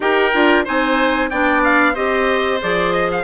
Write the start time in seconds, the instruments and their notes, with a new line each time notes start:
0.00 bassoon D#4, clarinet G4, oboe A#4, trumpet G5
0.32 bassoon D4, clarinet F4
0.64 bassoon C4, clarinet D#4, oboe C5, trumpet G#5
1.29 bassoon B3, clarinet D4, oboe D5, trumpet G5
1.64 trumpet F5
1.93 bassoon C4, clarinet G4, oboe C5, trumpet D#5
2.60 bassoon F3, clarinet G#4, trumpet D5
2.92 trumpet D#5
3.11 trumpet F5